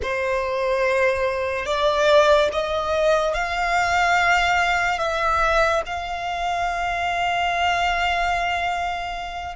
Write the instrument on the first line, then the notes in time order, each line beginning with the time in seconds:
violin
0.02 C5
1.65 D5
2.52 D#5
3.33 F5
4.98 E5
5.86 F5